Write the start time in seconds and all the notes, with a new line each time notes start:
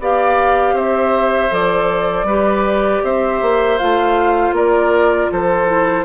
0.00 B3 G4 D5 F5
0.74 C4 C5 E5
1.50 F3 A4 D5
2.24 G3 G4 B4
3.04 C4 C5 E5
3.42 A#3
3.78 A3 F4 F5
4.53 A#3 A#4 D5
5.32 F3 A4 C5
5.66 E4